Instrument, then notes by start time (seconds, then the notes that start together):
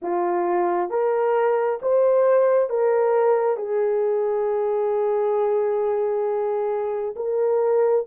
horn
0.02 F4
0.90 A#4
1.82 C5
2.69 A#4
3.56 G#4
7.16 A#4